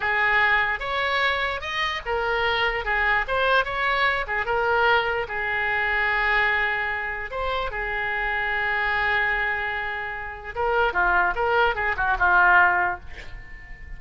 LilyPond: \new Staff \with { instrumentName = "oboe" } { \time 4/4 \tempo 4 = 148 gis'2 cis''2 | dis''4 ais'2 gis'4 | c''4 cis''4. gis'8 ais'4~ | ais'4 gis'2.~ |
gis'2 c''4 gis'4~ | gis'1~ | gis'2 ais'4 f'4 | ais'4 gis'8 fis'8 f'2 | }